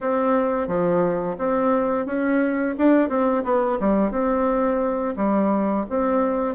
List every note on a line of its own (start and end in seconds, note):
0.00 0.67 C4
0.67 1.36 F3
1.38 2.06 C4
2.06 2.75 C#4
2.77 3.09 D4
3.09 3.43 C4
3.44 3.78 B3
3.79 4.11 G3
4.11 5.14 C4
5.16 5.85 G3
5.89 6.54 C4